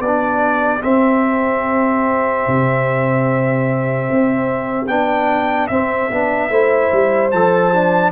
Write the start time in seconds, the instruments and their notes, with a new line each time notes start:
0.00 tuba B3, horn G4, trumpet D5
0.07 trombone D4
0.81 trombone C4, tuba C4, trumpet E5
2.47 tuba C3
4.11 tuba C4
4.88 tuba B3, trombone D4, trumpet G5
5.67 tuba C4, trombone C4, trumpet E5
6.11 tuba B3, trombone D4
6.50 tuba A3, trombone E4, horn C5
6.92 tuba G3
7.31 tuba F3, trombone A4, trumpet A5
7.74 trombone D4